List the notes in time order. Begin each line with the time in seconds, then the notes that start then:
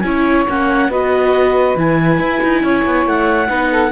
0.00 C#4 E4 C#5 G#5
0.49 A#3 C#4 F#5
0.88 B3 F#4 B4 D#5
1.76 E3 E4 G#5
2.19 E4
2.43 D#4
2.62 C#4 C#5
2.85 B3
3.05 A3 F#5
3.48 B3 D#4 B4
3.70 A4